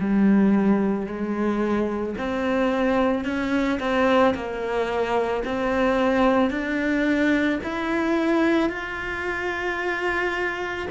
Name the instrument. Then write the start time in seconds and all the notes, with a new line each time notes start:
cello
0.00 G3
1.06 G#3
2.18 C4
3.24 C#4
3.79 C4
4.34 A#3
5.44 C4
6.50 D4
7.63 E4
8.69 F4